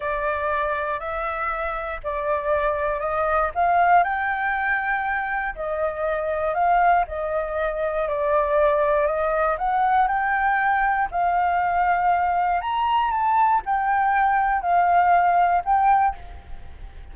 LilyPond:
\new Staff \with { instrumentName = "flute" } { \time 4/4 \tempo 4 = 119 d''2 e''2 | d''2 dis''4 f''4 | g''2. dis''4~ | dis''4 f''4 dis''2 |
d''2 dis''4 fis''4 | g''2 f''2~ | f''4 ais''4 a''4 g''4~ | g''4 f''2 g''4 | }